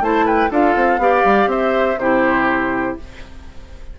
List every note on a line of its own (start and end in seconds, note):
0.00 0.49 A3
0.00 0.50 E4
0.00 0.25 C5
0.00 0.27 A5
0.25 0.50 B4
0.25 0.51 G5
0.50 0.75 D4
0.50 0.99 F4
0.50 1.00 A4
0.50 1.50 F5
0.75 0.98 C4
0.98 1.22 B3
0.98 1.97 G4
0.98 1.50 D5
1.24 1.46 G3
1.46 1.96 C4
1.46 1.99 C5
1.46 1.98 E5
1.97 2.96 C3
1.97 2.99 E4
1.97 2.98 G4
1.97 2.97 C5